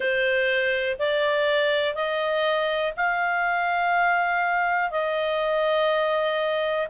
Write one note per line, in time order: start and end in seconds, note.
0.00 0.97 C5
0.98 1.94 D5
1.94 2.92 D#5
2.96 4.90 F5
4.90 6.87 D#5